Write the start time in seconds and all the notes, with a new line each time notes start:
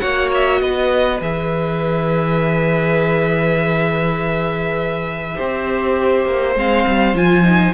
0.00 A#3 F#4 C#5 F#5
0.35 E5
0.62 B3 B4 D#5
1.21 E3 G#4 E5
5.36 C4 G4 C5
6.26 A#3
6.56 G#3 C4 F5
6.87 G3
7.14 F3 F4 G#5
7.44 D#4